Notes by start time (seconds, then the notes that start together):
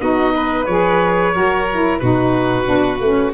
0.00 B3 D#4 F#4 D#5
0.35 B4
0.66 F3 G#4 C#5
1.33 F#3 F#4 A#4
1.72 E4
1.99 B2 D#4 F#4 B4
2.65 B3 D4
3.00 A3 C#4